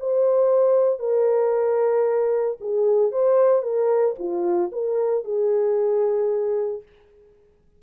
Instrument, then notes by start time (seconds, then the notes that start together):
horn
0.00 C5
1.00 A#4
2.61 G#4
3.12 C5
3.63 A#4
4.19 F4
4.72 A#4
5.25 G#4